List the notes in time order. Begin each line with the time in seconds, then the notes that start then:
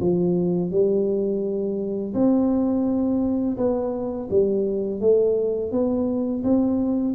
0.00 F3
0.71 G3
2.14 C4
3.57 B3
4.30 G3
5.00 A3
5.72 B3
6.43 C4